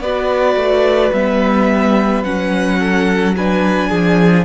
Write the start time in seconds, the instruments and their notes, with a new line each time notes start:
0.00 cello B3, viola F#4, violin B4 D5
0.55 cello A3
1.13 cello G3, viola B3, violin E5
2.23 cello F#3, viola C#4, violin F#5
2.79 violin A4
3.36 viola D4, violin B4 G#5
3.89 cello F3, violin G#4